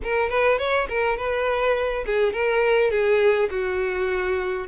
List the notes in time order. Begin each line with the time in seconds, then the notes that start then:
0.03 A#4
0.29 B4
0.58 C#5
0.88 A#4
1.17 B4
2.05 G#4
2.32 A#4
2.90 G#4
3.50 F#4